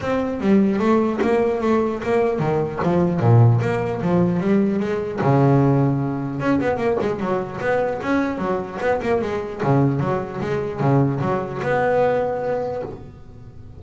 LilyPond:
\new Staff \with { instrumentName = "double bass" } { \time 4/4 \tempo 4 = 150 c'4 g4 a4 ais4 | a4 ais4 dis4 f4 | ais,4 ais4 f4 g4 | gis4 cis2. |
cis'8 b8 ais8 gis8 fis4 b4 | cis'4 fis4 b8 ais8 gis4 | cis4 fis4 gis4 cis4 | fis4 b2. | }